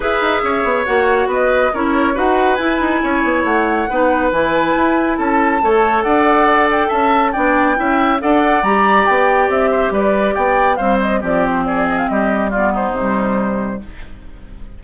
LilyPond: <<
  \new Staff \with { instrumentName = "flute" } { \time 4/4 \tempo 4 = 139 e''2 fis''4 dis''4 | cis''4 fis''4 gis''2 | fis''2 gis''2 | a''2 fis''4. g''8 |
a''4 g''2 fis''4 | ais''4 g''4 e''4 d''4 | g''4 f''8 dis''8 d''8 c''8 d''8 dis''16 f''16 | dis''4 d''8 c''2~ c''8 | }
  \new Staff \with { instrumentName = "oboe" } { \time 4/4 b'4 cis''2 b'4 | ais'4 b'2 cis''4~ | cis''4 b'2. | a'4 cis''4 d''2 |
e''4 d''4 e''4 d''4~ | d''2~ d''8 c''8 b'4 | d''4 c''4 g'4 gis'4 | g'4 f'8 dis'2~ dis'8 | }
  \new Staff \with { instrumentName = "clarinet" } { \time 4/4 gis'2 fis'2 | e'4 fis'4 e'2~ | e'4 dis'4 e'2~ | e'4 a'2.~ |
a'4 d'4 e'4 a'4 | g'1~ | g'4 g4 c'2~ | c'4 b4 g2 | }
  \new Staff \with { instrumentName = "bassoon" } { \time 4/4 e'8 dis'8 cis'8 b8 ais4 b4 | cis'4 dis'4 e'8 dis'8 cis'8 b8 | a4 b4 e4 e'4 | cis'4 a4 d'2 |
cis'4 b4 cis'4 d'4 | g4 b4 c'4 g4 | b4 c'4 f2 | g2 c2 | }
>>